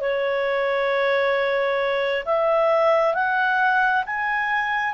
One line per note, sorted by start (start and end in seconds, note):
0.00 2.24 C#5
2.25 3.14 E5
3.14 4.03 F#5
4.06 4.94 G#5